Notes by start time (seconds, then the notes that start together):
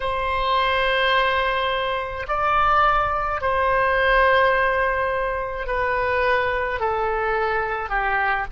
0.00 C5
2.27 D5
3.41 C5
5.67 B4
6.79 A4
7.89 G4